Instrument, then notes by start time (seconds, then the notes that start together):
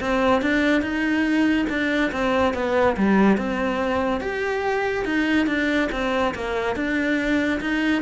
cello
0.00 C4
0.42 D4
0.81 D#4
1.69 D4
2.12 C4
2.54 B3
2.97 G3
3.37 C4
4.21 G4
5.05 D#4
5.47 D4
5.92 C4
6.35 A#3
6.75 D4
7.61 D#4